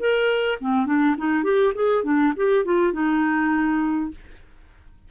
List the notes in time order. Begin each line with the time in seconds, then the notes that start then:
0.00 A#4
0.61 C4
0.86 D4
1.18 D#4
1.44 G4
1.75 G#4
2.04 D4
2.37 G4
2.65 F4
2.93 D#4